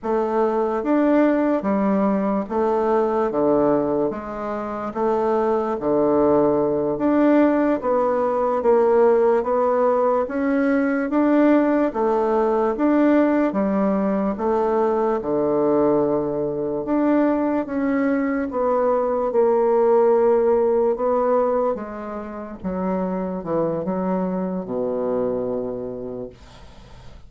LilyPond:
\new Staff \with { instrumentName = "bassoon" } { \time 4/4 \tempo 4 = 73 a4 d'4 g4 a4 | d4 gis4 a4 d4~ | d8 d'4 b4 ais4 b8~ | b8 cis'4 d'4 a4 d'8~ |
d'8 g4 a4 d4.~ | d8 d'4 cis'4 b4 ais8~ | ais4. b4 gis4 fis8~ | fis8 e8 fis4 b,2 | }